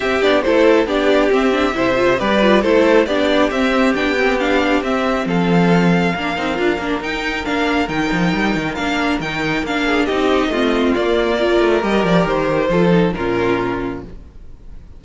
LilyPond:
<<
  \new Staff \with { instrumentName = "violin" } { \time 4/4 \tempo 4 = 137 e''8 d''8 c''4 d''4 e''4~ | e''4 d''4 c''4 d''4 | e''4 g''4 f''4 e''4 | f''1 |
g''4 f''4 g''2 | f''4 g''4 f''4 dis''4~ | dis''4 d''2 dis''8 d''8 | c''2 ais'2 | }
  \new Staff \with { instrumentName = "violin" } { \time 4/4 g'4 a'4 g'2 | c''4 b'4 a'4 g'4~ | g'1 | a'2 ais'2~ |
ais'1~ | ais'2~ ais'8 gis'8 g'4 | f'2 ais'2~ | ais'4 a'4 f'2 | }
  \new Staff \with { instrumentName = "viola" } { \time 4/4 c'8 d'8 e'4 d'4 c'8 d'8 | e'8 f'8 g'8 f'8 e'4 d'4 | c'4 d'8 c'8 d'4 c'4~ | c'2 d'8 dis'8 f'8 d'8 |
dis'4 d'4 dis'2 | d'4 dis'4 d'4 dis'4 | c'4 ais4 f'4 g'4~ | g'4 f'8 dis'8 cis'2 | }
  \new Staff \with { instrumentName = "cello" } { \time 4/4 c'8 b8 a4 b4 c'4 | c4 g4 a4 b4 | c'4 b2 c'4 | f2 ais8 c'8 d'8 ais8 |
dis'4 ais4 dis8 f8 g8 dis8 | ais4 dis4 ais4 c'4 | a4 ais4. a8 g8 f8 | dis4 f4 ais,2 | }
>>